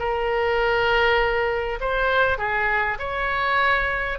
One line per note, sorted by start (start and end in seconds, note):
0.00 1.80 A#4
1.81 2.38 C5
2.38 2.98 G#4
2.99 4.19 C#5